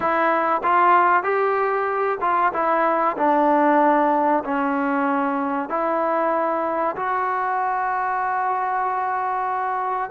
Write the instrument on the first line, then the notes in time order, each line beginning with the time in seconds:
trombone
0.00 E4
0.63 F4
1.23 G4
2.20 F4
2.53 E4
3.17 D4
4.44 C#4
5.69 E4
6.96 F#4